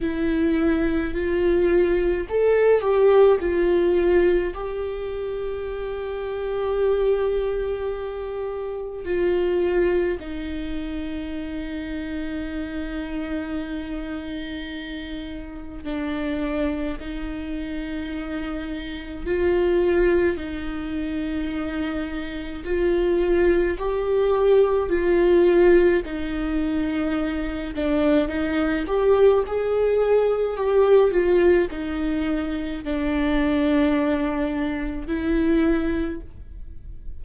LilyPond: \new Staff \with { instrumentName = "viola" } { \time 4/4 \tempo 4 = 53 e'4 f'4 a'8 g'8 f'4 | g'1 | f'4 dis'2.~ | dis'2 d'4 dis'4~ |
dis'4 f'4 dis'2 | f'4 g'4 f'4 dis'4~ | dis'8 d'8 dis'8 g'8 gis'4 g'8 f'8 | dis'4 d'2 e'4 | }